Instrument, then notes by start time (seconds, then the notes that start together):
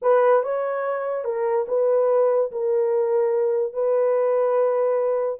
horn
0.02 B4
0.43 C#5
1.24 A#4
1.68 B4
2.51 A#4
3.73 B4